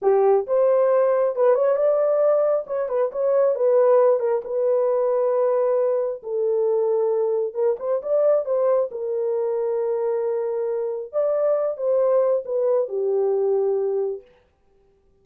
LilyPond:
\new Staff \with { instrumentName = "horn" } { \time 4/4 \tempo 4 = 135 g'4 c''2 b'8 cis''8 | d''2 cis''8 b'8 cis''4 | b'4. ais'8 b'2~ | b'2 a'2~ |
a'4 ais'8 c''8 d''4 c''4 | ais'1~ | ais'4 d''4. c''4. | b'4 g'2. | }